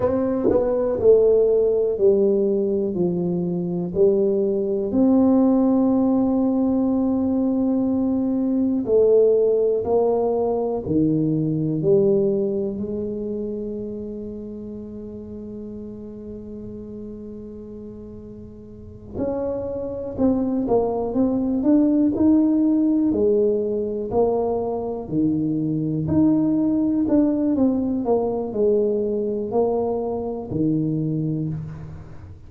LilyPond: \new Staff \with { instrumentName = "tuba" } { \time 4/4 \tempo 4 = 61 c'8 b8 a4 g4 f4 | g4 c'2.~ | c'4 a4 ais4 dis4 | g4 gis2.~ |
gis2.~ gis8 cis'8~ | cis'8 c'8 ais8 c'8 d'8 dis'4 gis8~ | gis8 ais4 dis4 dis'4 d'8 | c'8 ais8 gis4 ais4 dis4 | }